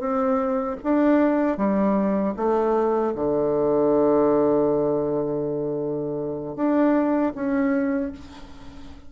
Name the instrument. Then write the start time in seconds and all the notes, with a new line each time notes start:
bassoon
0.00 C4
0.84 D4
1.58 G3
2.37 A3
3.16 D3
6.56 D4
7.35 C#4